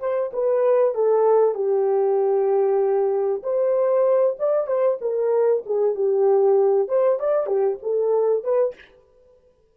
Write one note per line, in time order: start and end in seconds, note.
0.00 0.31 C5
0.34 0.95 B4
0.95 1.55 A4
1.55 3.43 G4
3.43 4.37 C5
4.39 4.67 D5
4.67 4.99 C5
5.01 5.64 A#4
5.66 5.95 G#4
5.95 6.89 G4
6.89 7.20 C5
7.20 7.47 D5
7.47 7.78 G4
7.83 8.44 A4
8.44 8.75 B4